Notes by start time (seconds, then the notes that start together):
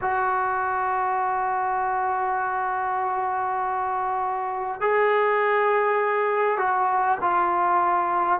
0.01 F#4
4.80 G#4
6.58 F#4
7.21 F4